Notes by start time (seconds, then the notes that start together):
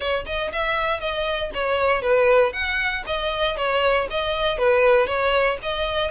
0.00 C#5
0.26 D#5
0.52 E5
1.00 D#5
1.54 C#5
2.02 B4
2.52 F#5
3.06 D#5
3.56 C#5
4.10 D#5
4.58 B4
5.06 C#5
5.62 D#5